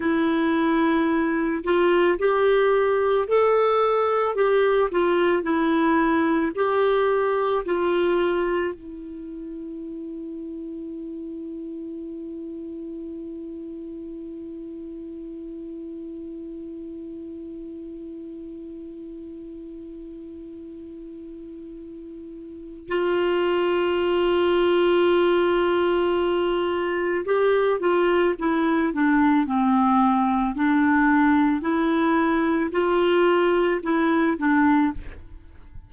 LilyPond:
\new Staff \with { instrumentName = "clarinet" } { \time 4/4 \tempo 4 = 55 e'4. f'8 g'4 a'4 | g'8 f'8 e'4 g'4 f'4 | e'1~ | e'1~ |
e'1~ | e'4 f'2.~ | f'4 g'8 f'8 e'8 d'8 c'4 | d'4 e'4 f'4 e'8 d'8 | }